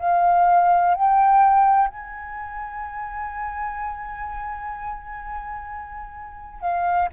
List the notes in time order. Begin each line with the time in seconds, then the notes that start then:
0.00 F5
0.95 G5
1.88 G#5
6.61 F5